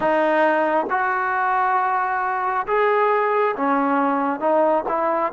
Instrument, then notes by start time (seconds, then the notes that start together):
trombone
0.00 D#4
0.90 F#4
2.67 G#4
3.56 C#4
4.40 D#4
4.88 E4